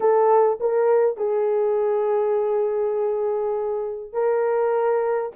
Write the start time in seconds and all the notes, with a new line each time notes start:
0.00 A4
0.59 A#4
1.17 G#4
4.12 A#4